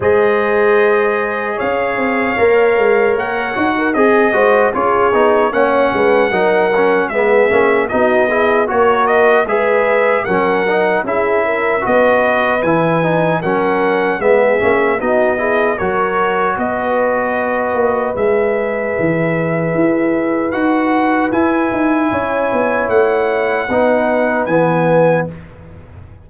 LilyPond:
<<
  \new Staff \with { instrumentName = "trumpet" } { \time 4/4 \tempo 4 = 76 dis''2 f''2 | fis''4 dis''4 cis''4 fis''4~ | fis''4 e''4 dis''4 cis''8 dis''8 | e''4 fis''4 e''4 dis''4 |
gis''4 fis''4 e''4 dis''4 | cis''4 dis''2 e''4~ | e''2 fis''4 gis''4~ | gis''4 fis''2 gis''4 | }
  \new Staff \with { instrumentName = "horn" } { \time 4/4 c''2 cis''2~ | cis''8. ais'16 gis'8 c''8 gis'4 cis''8 b'8 | ais'4 gis'4 fis'8 gis'8 ais'4 | b'4 ais'4 gis'8 ais'8 b'4~ |
b'4 ais'4 gis'4 fis'8 gis'8 | ais'4 b'2.~ | b'1 | cis''2 b'2 | }
  \new Staff \with { instrumentName = "trombone" } { \time 4/4 gis'2. ais'4~ | ais'8 fis'8 gis'8 fis'8 f'8 dis'8 cis'4 | dis'8 cis'8 b8 cis'8 dis'8 e'8 fis'4 | gis'4 cis'8 dis'8 e'4 fis'4 |
e'8 dis'8 cis'4 b8 cis'8 dis'8 e'8 | fis'2. gis'4~ | gis'2 fis'4 e'4~ | e'2 dis'4 b4 | }
  \new Staff \with { instrumentName = "tuba" } { \time 4/4 gis2 cis'8 c'8 ais8 gis8 | ais8 dis'8 c'8 gis8 cis'8 b8 ais8 gis8 | fis4 gis8 ais8 b4 ais4 | gis4 fis4 cis'4 b4 |
e4 fis4 gis8 ais8 b4 | fis4 b4. ais8 gis4 | e4 e'4 dis'4 e'8 dis'8 | cis'8 b8 a4 b4 e4 | }
>>